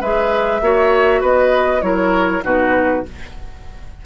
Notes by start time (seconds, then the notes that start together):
0.00 G#3 G#4 B4 E5
0.61 A#3 F#4 C#5
1.20 B3 B4 D#5
1.81 F#3 E4 A#4 C#5
2.43 B2 D#4 F#4 B4